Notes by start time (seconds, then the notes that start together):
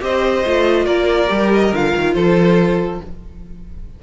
0.00 C4 G4 C5 D#5
0.45 A3 F4
0.85 A#3 A#4 D5
1.27 G3 G4
1.53 D#5
1.72 D3 F4 F5
1.95 D#3
2.14 F3 A4 C5